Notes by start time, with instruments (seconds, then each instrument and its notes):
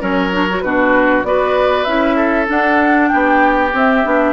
0.00 bassoon F#3, clarinet C#4, oboe A#4, flute C#5
0.32 clarinet D4
0.49 clarinet F#4
0.61 bassoon B2, clarinet D4, oboe F#4, flute B4
1.24 bassoon B3, clarinet F#4, oboe B4, flute D5
1.84 bassoon C#4, clarinet E4, flute E5
2.16 oboe A4
2.47 clarinet D4, bassoon D4, flute F#5
3.08 bassoon B3, oboe G4, flute G5
3.73 bassoon C4, clarinet C4, flute E5
4.05 bassoon B3, clarinet D4